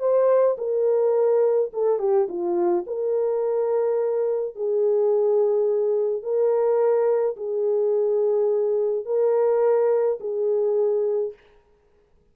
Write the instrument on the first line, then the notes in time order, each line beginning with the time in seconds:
horn
0.00 C5
0.58 A#4
1.73 A4
1.99 G4
2.29 F4
2.87 A#4
4.56 G#4
6.23 A#4
7.37 G#4
9.06 A#4
10.21 G#4